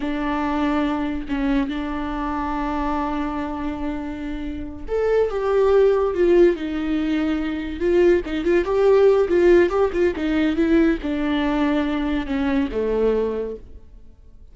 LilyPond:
\new Staff \with { instrumentName = "viola" } { \time 4/4 \tempo 4 = 142 d'2. cis'4 | d'1~ | d'2.~ d'8 a'8~ | a'8 g'2 f'4 dis'8~ |
dis'2~ dis'8 f'4 dis'8 | f'8 g'4. f'4 g'8 f'8 | dis'4 e'4 d'2~ | d'4 cis'4 a2 | }